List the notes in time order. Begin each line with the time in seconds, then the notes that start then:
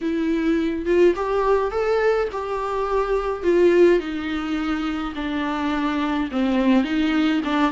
0.01 E4
0.85 F4
1.15 G4
1.71 A4
2.32 G4
3.43 F4
3.99 D#4
5.15 D4
6.31 C4
6.84 D#4
7.44 D4